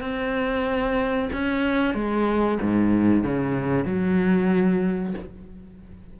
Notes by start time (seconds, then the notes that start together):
0.00 C4
1.32 C#4
1.94 G#3
2.61 G#2
3.23 C#3
3.85 F#3